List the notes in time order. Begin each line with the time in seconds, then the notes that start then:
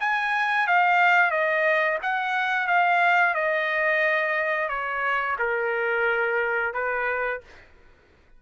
0.00 G#5
0.67 F5
1.31 D#5
2.03 F#5
2.68 F5
3.34 D#5
4.69 C#5
5.39 A#4
6.74 B4